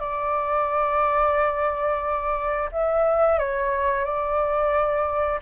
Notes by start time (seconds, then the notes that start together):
0.00 D5
2.72 E5
3.39 C#5
4.05 D5